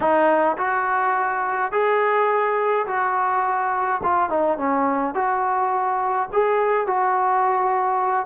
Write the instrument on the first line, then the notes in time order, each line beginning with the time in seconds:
trombone
0.00 D#4
0.57 F#4
1.72 G#4
2.86 F#4
4.03 F4
4.29 D#4
4.57 C#4
5.14 F#4
6.32 G#4
6.86 F#4